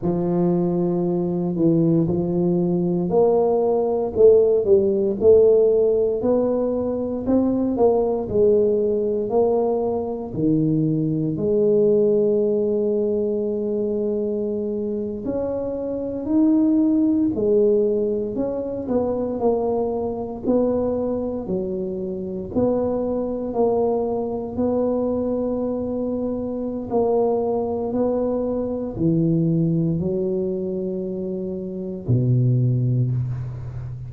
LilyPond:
\new Staff \with { instrumentName = "tuba" } { \time 4/4 \tempo 4 = 58 f4. e8 f4 ais4 | a8 g8 a4 b4 c'8 ais8 | gis4 ais4 dis4 gis4~ | gis2~ gis8. cis'4 dis'16~ |
dis'8. gis4 cis'8 b8 ais4 b16~ | b8. fis4 b4 ais4 b16~ | b2 ais4 b4 | e4 fis2 b,4 | }